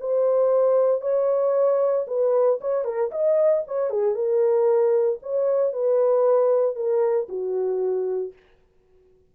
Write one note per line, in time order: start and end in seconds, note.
0.00 1.01 C5
1.01 2.06 C#5
2.07 2.59 B4
2.61 2.85 C#5
2.85 3.11 A#4
3.11 3.63 D#5
3.67 3.90 C#5
3.90 4.15 G#4
4.15 5.19 A#4
5.22 5.73 C#5
5.73 6.76 B4
6.76 7.28 A#4
7.29 8.33 F#4